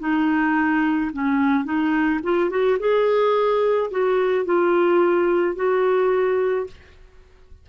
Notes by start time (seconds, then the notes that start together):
0.00 D#4
1.13 C#4
1.65 D#4
2.24 F4
2.50 F#4
2.79 G#4
3.91 F#4
4.45 F4
5.56 F#4